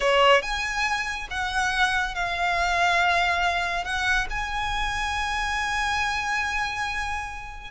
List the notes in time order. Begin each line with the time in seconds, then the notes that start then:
0.00 C#5
0.41 G#5
1.30 F#5
2.14 F5
3.84 F#5
4.30 G#5